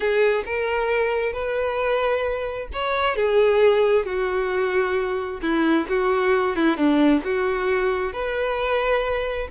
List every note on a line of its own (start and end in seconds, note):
0.00 0.44 G#4
0.45 1.32 A#4
1.32 2.68 B4
2.73 3.16 C#5
3.16 4.05 G#4
4.05 5.41 F#4
5.41 5.86 E4
5.89 6.55 F#4
6.55 6.76 E4
6.76 7.21 D4
7.24 8.12 F#4
8.12 9.48 B4